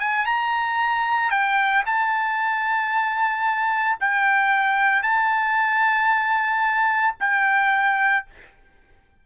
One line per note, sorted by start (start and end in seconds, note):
0.00 0.26 G#5
0.26 1.31 A#5
1.31 1.84 G5
1.86 3.98 A5
4.00 5.02 G5
5.02 7.15 A5
7.20 8.26 G5